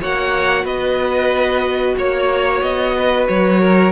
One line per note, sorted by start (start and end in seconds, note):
0.00 0.64 A#3
0.00 3.92 F#4
0.00 0.64 C#5
0.00 0.65 F#5
0.64 1.94 B3
0.64 1.94 B4
0.64 1.96 D#5
1.97 2.62 A#3
1.97 2.61 C#5
1.97 2.96 C#5
2.61 3.27 B3
2.61 3.27 D#5
2.97 3.60 B4
3.27 3.92 F#3
3.27 3.92 C#5
3.60 3.92 A#4